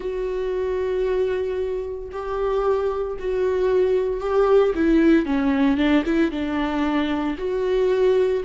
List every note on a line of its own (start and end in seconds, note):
0.00 2.09 F#4
2.11 3.17 G4
3.19 4.20 F#4
4.20 4.73 G4
4.74 5.25 E4
5.25 5.77 C#4
5.77 6.03 D4
6.05 6.31 E4
6.31 7.36 D4
7.37 8.43 F#4